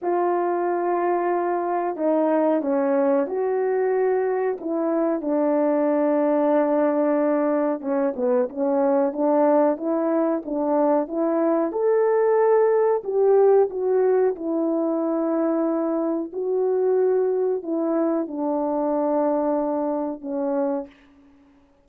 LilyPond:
\new Staff \with { instrumentName = "horn" } { \time 4/4 \tempo 4 = 92 f'2. dis'4 | cis'4 fis'2 e'4 | d'1 | cis'8 b8 cis'4 d'4 e'4 |
d'4 e'4 a'2 | g'4 fis'4 e'2~ | e'4 fis'2 e'4 | d'2. cis'4 | }